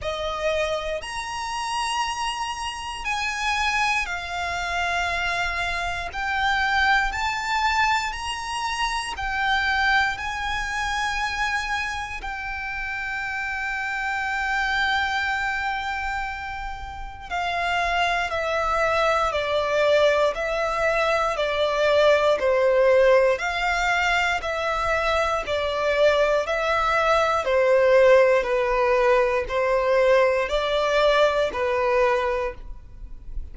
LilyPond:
\new Staff \with { instrumentName = "violin" } { \time 4/4 \tempo 4 = 59 dis''4 ais''2 gis''4 | f''2 g''4 a''4 | ais''4 g''4 gis''2 | g''1~ |
g''4 f''4 e''4 d''4 | e''4 d''4 c''4 f''4 | e''4 d''4 e''4 c''4 | b'4 c''4 d''4 b'4 | }